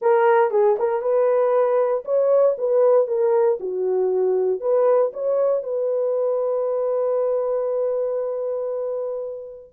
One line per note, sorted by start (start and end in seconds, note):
0.01 0.50 A#4
0.50 0.76 G#4
0.79 1.01 A#4
1.01 2.04 B4
2.04 2.55 C#5
2.58 3.07 B4
3.07 3.58 A#4
3.60 4.60 F#4
4.60 5.11 B4
5.13 5.63 C#5
5.63 9.72 B4